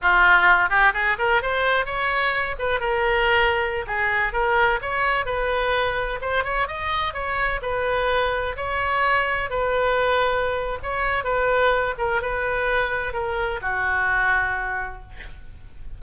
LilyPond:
\new Staff \with { instrumentName = "oboe" } { \time 4/4 \tempo 4 = 128 f'4. g'8 gis'8 ais'8 c''4 | cis''4. b'8 ais'2~ | ais'16 gis'4 ais'4 cis''4 b'8.~ | b'4~ b'16 c''8 cis''8 dis''4 cis''8.~ |
cis''16 b'2 cis''4.~ cis''16~ | cis''16 b'2~ b'8. cis''4 | b'4. ais'8 b'2 | ais'4 fis'2. | }